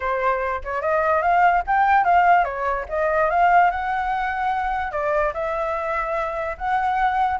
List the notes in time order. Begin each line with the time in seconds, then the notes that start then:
0.00 C5
0.64 C#5
0.81 D#5
1.22 F5
1.66 G5
2.04 F5
2.44 C#5
2.88 D#5
3.30 F5
3.70 F#5
4.91 D5
5.33 E5
6.57 F#5